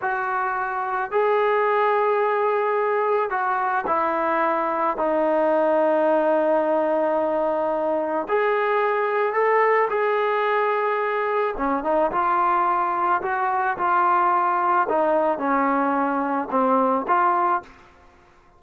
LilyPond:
\new Staff \with { instrumentName = "trombone" } { \time 4/4 \tempo 4 = 109 fis'2 gis'2~ | gis'2 fis'4 e'4~ | e'4 dis'2.~ | dis'2. gis'4~ |
gis'4 a'4 gis'2~ | gis'4 cis'8 dis'8 f'2 | fis'4 f'2 dis'4 | cis'2 c'4 f'4 | }